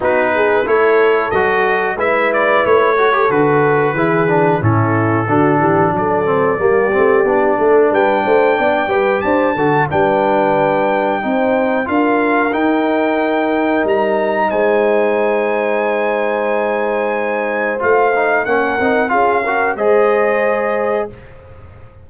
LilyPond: <<
  \new Staff \with { instrumentName = "trumpet" } { \time 4/4 \tempo 4 = 91 b'4 cis''4 dis''4 e''8 d''8 | cis''4 b'2 a'4~ | a'4 d''2. | g''2 a''4 g''4~ |
g''2 f''4 g''4~ | g''4 ais''4 gis''2~ | gis''2. f''4 | fis''4 f''4 dis''2 | }
  \new Staff \with { instrumentName = "horn" } { \time 4/4 fis'8 gis'8 a'2 b'4~ | b'8 a'4. gis'4 e'4 | fis'8 g'8 a'4 g'4. a'8 | b'8 c''8 d''8 b'8 c''8 a'8 b'4~ |
b'4 c''4 ais'2~ | ais'2 c''2~ | c''1 | ais'4 gis'8 ais'8 c''2 | }
  \new Staff \with { instrumentName = "trombone" } { \time 4/4 dis'4 e'4 fis'4 e'4~ | e'8 fis'16 g'16 fis'4 e'8 d'8 cis'4 | d'4. c'8 ais8 c'8 d'4~ | d'4. g'4 fis'8 d'4~ |
d'4 dis'4 f'4 dis'4~ | dis'1~ | dis'2. f'8 dis'8 | cis'8 dis'8 f'8 fis'8 gis'2 | }
  \new Staff \with { instrumentName = "tuba" } { \time 4/4 b4 a4 fis4 gis4 | a4 d4 e4 a,4 | d8 e8 fis4 g8 a8 b8 a8 | g8 a8 b8 g8 d'8 d8 g4~ |
g4 c'4 d'4 dis'4~ | dis'4 g4 gis2~ | gis2. a4 | ais8 c'8 cis'4 gis2 | }
>>